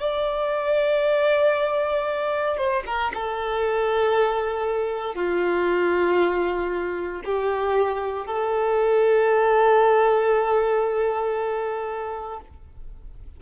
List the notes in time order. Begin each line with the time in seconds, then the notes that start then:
0.00 D5
2.57 C5
2.86 A#4
3.15 A4
5.15 F4
7.25 G4
8.26 A4